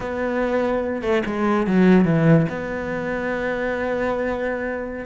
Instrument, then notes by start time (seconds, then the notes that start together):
cello
0.00 B3
1.02 A3
1.25 G#3
1.66 F#3
2.04 E3
2.49 B3